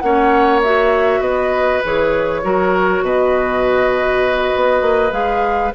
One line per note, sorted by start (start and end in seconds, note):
0.00 1.20 A#3
0.00 0.63 C#4
0.00 1.21 C#5
0.00 0.60 F#5
0.63 1.84 F#4
0.63 1.22 E5
1.20 1.80 B3
1.20 2.41 B4
1.20 1.82 D#5
1.84 2.44 E3
1.84 2.43 G#4
1.84 3.05 C#5
2.43 3.02 F#3
2.43 5.11 F#4
2.43 3.04 A#4
3.02 4.52 B2
3.02 5.75 B4
3.02 5.12 D#5
4.56 4.82 B3
4.82 5.12 A#3
5.11 5.72 G#3
5.11 5.71 G#4
5.11 5.72 F5